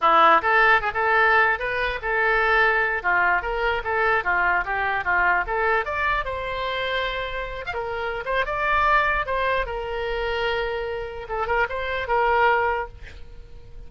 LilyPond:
\new Staff \with { instrumentName = "oboe" } { \time 4/4 \tempo 4 = 149 e'4 a'4 gis'16 a'4.~ a'16 | b'4 a'2~ a'8 f'8~ | f'8 ais'4 a'4 f'4 g'8~ | g'8 f'4 a'4 d''4 c''8~ |
c''2. f''16 ais'8.~ | ais'8 c''8 d''2 c''4 | ais'1 | a'8 ais'8 c''4 ais'2 | }